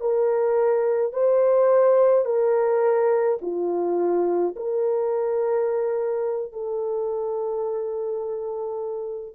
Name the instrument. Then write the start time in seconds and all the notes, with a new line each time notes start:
horn
0.00 A#4
1.13 C5
2.25 A#4
3.42 F4
4.56 A#4
6.52 A4